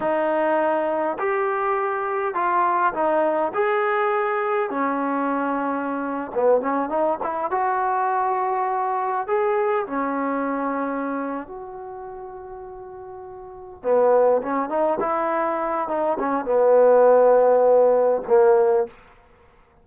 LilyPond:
\new Staff \with { instrumentName = "trombone" } { \time 4/4 \tempo 4 = 102 dis'2 g'2 | f'4 dis'4 gis'2 | cis'2~ cis'8. b8 cis'8 dis'16~ | dis'16 e'8 fis'2. gis'16~ |
gis'8. cis'2~ cis'8. fis'8~ | fis'2.~ fis'8 b8~ | b8 cis'8 dis'8 e'4. dis'8 cis'8 | b2. ais4 | }